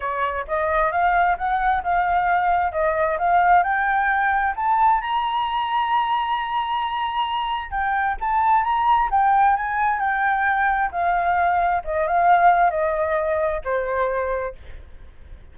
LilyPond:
\new Staff \with { instrumentName = "flute" } { \time 4/4 \tempo 4 = 132 cis''4 dis''4 f''4 fis''4 | f''2 dis''4 f''4 | g''2 a''4 ais''4~ | ais''1~ |
ais''4 g''4 a''4 ais''4 | g''4 gis''4 g''2 | f''2 dis''8 f''4. | dis''2 c''2 | }